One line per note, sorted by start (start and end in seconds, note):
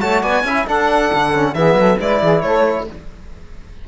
0.00 0.23 A3
0.00 0.44 F#4
0.00 0.21 C#5
0.00 0.22 A5
0.21 0.43 B3
0.21 0.43 D5
0.21 0.66 G#5
0.43 0.65 C#4
0.43 0.67 E4
0.43 0.67 E5
0.67 1.10 D4
0.67 1.33 D4
0.67 1.54 A4
0.67 1.54 F#5
1.14 1.55 D3
1.33 1.55 C#4
1.54 1.74 E3
1.54 2.00 B3
1.54 1.78 G#4
1.54 1.98 E5
1.74 1.96 F#3
1.74 1.99 A4
1.99 2.21 G#3
1.99 2.87 E4
1.99 2.21 B4
1.99 2.42 D5
2.21 2.43 E3
2.21 2.41 G#4
2.41 2.87 A3
2.41 2.85 A4
2.41 2.85 C#5